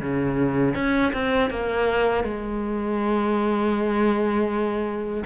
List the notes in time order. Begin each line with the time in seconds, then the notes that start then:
0.00 C#3
0.74 C#4
1.12 C4
1.50 A#3
2.24 G#3